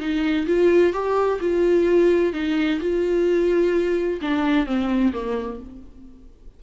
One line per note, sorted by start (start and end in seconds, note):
0.00 0.47 D#4
0.47 0.93 F4
0.93 1.39 G4
1.41 2.33 F4
2.33 2.80 D#4
2.80 4.20 F4
4.22 4.66 D4
4.66 5.13 C4
5.13 5.60 A#3